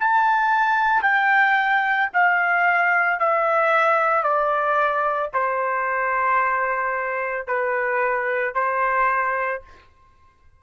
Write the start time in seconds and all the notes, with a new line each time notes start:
0.00 A5
1.03 G5
2.14 F5
3.20 E5
4.23 D5
5.34 C5
7.48 B4
8.55 C5